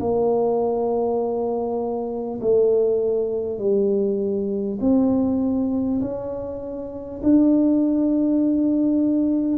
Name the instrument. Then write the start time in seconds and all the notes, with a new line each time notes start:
tuba
0.00 A#3
2.41 A3
3.59 G3
4.81 C4
6.01 C#4
7.23 D4